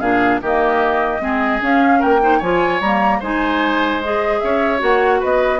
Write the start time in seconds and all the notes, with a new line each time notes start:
0.00 A#2 D4 G#4 F5
0.42 D#3 A#3 G4 D#5
1.20 G#3 C4 G#4
1.60 C#4 F5
2.00 A#3 A#4 G5
2.21 D#4 C5
2.39 F3 F4 C#5 G#5
2.81 G3 A#3 A#5
3.20 G#3 D#4 C5 G#5
4.04 G#4 D#5
4.39 C#4 C#5 E5
4.79 A#3 F#4 F#5
5.20 B3 B4 D#5